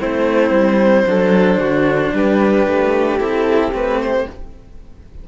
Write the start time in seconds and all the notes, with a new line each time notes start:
0.00 A3 C4 E4 C5
0.50 G3
1.07 F#3 D4 A4
1.57 D3 F#4
2.13 G3 G4 B4
2.67 A3
3.18 C4 E4 A4
3.72 A3 C4 B4
4.02 C5